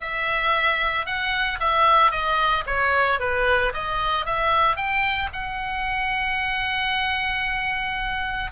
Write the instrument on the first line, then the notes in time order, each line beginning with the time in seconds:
oboe
0.00 E5
1.05 F#5
1.59 E5
2.11 D#5
2.66 C#5
3.19 B4
3.73 D#5
4.25 E5
4.76 G5
5.32 F#5